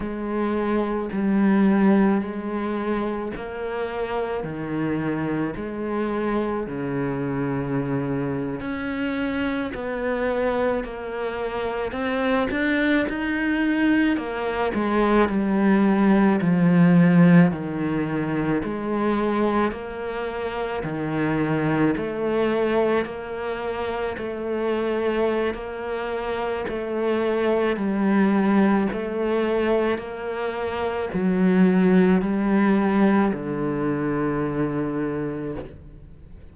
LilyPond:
\new Staff \with { instrumentName = "cello" } { \time 4/4 \tempo 4 = 54 gis4 g4 gis4 ais4 | dis4 gis4 cis4.~ cis16 cis'16~ | cis'8. b4 ais4 c'8 d'8 dis'16~ | dis'8. ais8 gis8 g4 f4 dis16~ |
dis8. gis4 ais4 dis4 a16~ | a8. ais4 a4~ a16 ais4 | a4 g4 a4 ais4 | fis4 g4 d2 | }